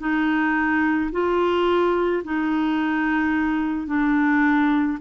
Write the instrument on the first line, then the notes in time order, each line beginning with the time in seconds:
clarinet
0.00 D#4
1.12 F4
2.25 D#4
3.87 D4